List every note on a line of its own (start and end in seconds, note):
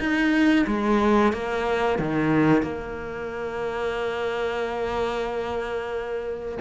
0.00 0.66 D#4
0.67 1.33 G#3
1.33 1.99 A#3
1.99 2.63 D#3
2.63 6.58 A#3